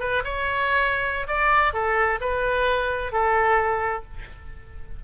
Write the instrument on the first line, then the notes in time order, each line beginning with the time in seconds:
oboe
0.00 B4
0.24 C#5
1.28 D5
1.74 A4
2.20 B4
3.12 A4